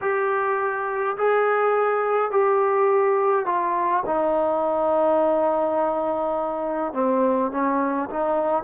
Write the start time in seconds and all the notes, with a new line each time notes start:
0.01 G4
1.17 G#4
2.31 G4
3.45 F4
4.05 D#4
6.93 C4
7.51 C#4
8.10 D#4